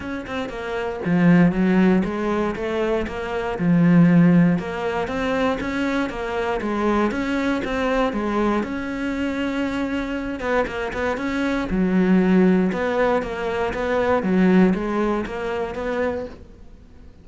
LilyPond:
\new Staff \with { instrumentName = "cello" } { \time 4/4 \tempo 4 = 118 cis'8 c'8 ais4 f4 fis4 | gis4 a4 ais4 f4~ | f4 ais4 c'4 cis'4 | ais4 gis4 cis'4 c'4 |
gis4 cis'2.~ | cis'8 b8 ais8 b8 cis'4 fis4~ | fis4 b4 ais4 b4 | fis4 gis4 ais4 b4 | }